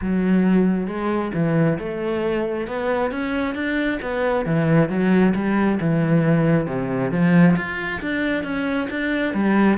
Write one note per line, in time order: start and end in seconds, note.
0.01 0.87 F#3
0.87 1.31 G#3
1.34 1.78 E3
1.79 2.67 A3
2.67 3.11 B3
3.11 3.54 C#4
3.54 3.99 D4
4.02 4.45 B3
4.45 4.89 E3
4.89 5.33 F#3
5.34 5.79 G3
5.80 6.66 E3
6.66 7.11 C3
7.11 7.55 F3
7.56 8.00 F4
8.01 8.43 D4
8.43 8.88 C#4
8.89 9.34 D4
9.34 9.78 G3